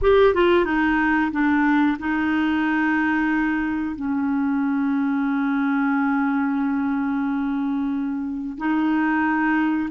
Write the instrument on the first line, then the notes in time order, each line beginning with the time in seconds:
clarinet
0.01 G4
0.34 F4
0.65 D#4
1.31 D4
1.99 D#4
3.95 C#4
8.57 D#4